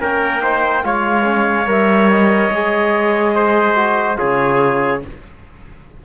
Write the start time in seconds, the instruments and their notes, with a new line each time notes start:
0.00 cello A#3, trombone C#4, trumpet A#4, clarinet G5
0.42 trombone D#4, trumpet C5
0.84 cello G#3, trombone F4, trumpet C#5, clarinet F5
1.23 trombone C#4
1.66 cello G3, trombone A#4, clarinet E5
2.10 clarinet D#5
2.51 cello G#3, trombone G#4
3.35 trumpet C5
3.75 trombone F#4
4.17 cello C#3, trombone F4, trumpet G#4, clarinet C#5